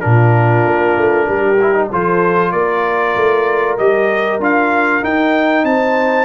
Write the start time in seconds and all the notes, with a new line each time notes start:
0.00 A#2 D4 F4 A#4
0.65 A#3
0.97 A3
1.28 G3 G4
1.61 E4
1.74 D#4
1.91 F3 F4 A4 C5
2.52 A#3 A#4 D5
3.15 A3
3.78 G3 G4 D#5
4.39 D4 F4 F5
5.01 D#4 G5
5.64 C4 C5 A5